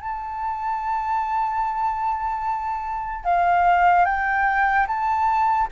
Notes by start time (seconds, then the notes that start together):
0.00 A5
3.24 F5
4.05 G5
4.87 A5